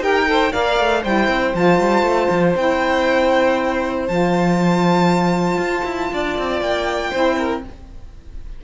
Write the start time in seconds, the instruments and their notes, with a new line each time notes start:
0.00 cello D#4, saxophone G4, violin A#4 G5
0.25 saxophone A4, violin C5
0.52 cello A#3, saxophone A#4, violin D5 F5
0.79 cello A3
1.02 cello G3, saxophone E4, violin C5 G5
1.27 cello C4
1.54 cello F3, saxophone F4, violin A5
1.79 cello G3
2.02 cello A3
2.29 cello F3
2.56 cello C4, saxophone E4, violin G5
4.07 cello F3, saxophone F4, violin A5
5.57 cello F4
5.84 cello E4
6.13 cello D4, violin D5
6.38 cello C4
6.60 cello A#3, violin G5
7.10 cello C4, saxophone E4, violin C5
7.37 violin A#4